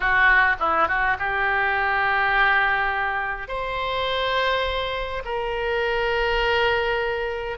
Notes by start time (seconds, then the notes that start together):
0.00 F#4
0.59 E4
0.88 F#4
1.18 G4
3.48 C5
5.24 A#4